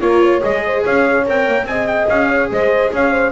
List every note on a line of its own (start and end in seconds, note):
0.00 0.42 A#3
0.00 0.40 F4
0.00 0.21 A#4
0.00 0.41 C#5
0.21 0.63 C#5
0.40 0.85 G#3
0.40 1.23 G#4
0.40 0.84 D#5
0.65 0.84 C5
0.84 1.27 C#4
0.84 1.66 C#5
0.84 1.27 F5
1.26 1.47 C4
1.26 1.67 A#4
1.26 1.66 G5
1.47 1.64 A#3
1.64 2.05 C4
1.64 2.28 D#5
1.64 1.87 G#5
1.70 3.32 G#4
1.87 2.07 G5
2.09 2.50 C#4
2.09 2.50 F5
2.28 2.48 C#5
2.50 2.92 G#3
2.50 2.93 C5
2.50 2.93 D#5
2.92 3.32 C#4
2.92 3.11 C#5
2.92 3.32 F5
3.11 3.31 C5